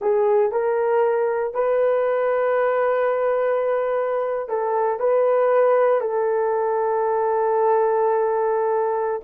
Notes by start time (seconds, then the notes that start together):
0.01 G#4
0.51 A#4
1.54 B4
4.48 A4
4.99 B4
6.00 A4